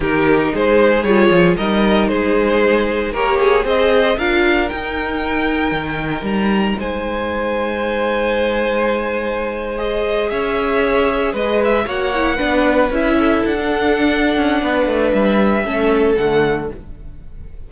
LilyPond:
<<
  \new Staff \with { instrumentName = "violin" } { \time 4/4 \tempo 4 = 115 ais'4 c''4 cis''4 dis''4 | c''2 ais'8 gis'8 dis''4 | f''4 g''2. | ais''4 gis''2.~ |
gis''2~ gis''8. dis''4 e''16~ | e''4.~ e''16 dis''8 e''8 fis''4~ fis''16~ | fis''8. e''4 fis''2~ fis''16~ | fis''4 e''2 fis''4 | }
  \new Staff \with { instrumentName = "violin" } { \time 4/4 g'4 gis'2 ais'4 | gis'2 cis''4 c''4 | ais'1~ | ais'4 c''2.~ |
c''2.~ c''8. cis''16~ | cis''4.~ cis''16 b'4 cis''4 b'16~ | b'4~ b'16 a'2~ a'8. | b'2 a'2 | }
  \new Staff \with { instrumentName = "viola" } { \time 4/4 dis'2 f'4 dis'4~ | dis'2 g'4 gis'4 | f'4 dis'2.~ | dis'1~ |
dis'2~ dis'8. gis'4~ gis'16~ | gis'2~ gis'8. fis'8 e'8 d'16~ | d'8. e'4~ e'16 d'2~ | d'2 cis'4 a4 | }
  \new Staff \with { instrumentName = "cello" } { \time 4/4 dis4 gis4 g8 f8 g4 | gis2 ais4 c'4 | d'4 dis'2 dis4 | g4 gis2.~ |
gis2.~ gis8. cis'16~ | cis'4.~ cis'16 gis4 ais4 b16~ | b8. cis'4 d'4.~ d'16 cis'8 | b8 a8 g4 a4 d4 | }
>>